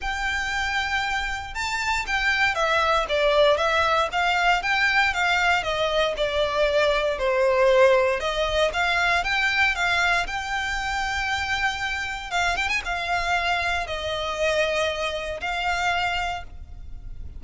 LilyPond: \new Staff \with { instrumentName = "violin" } { \time 4/4 \tempo 4 = 117 g''2. a''4 | g''4 e''4 d''4 e''4 | f''4 g''4 f''4 dis''4 | d''2 c''2 |
dis''4 f''4 g''4 f''4 | g''1 | f''8 g''16 gis''16 f''2 dis''4~ | dis''2 f''2 | }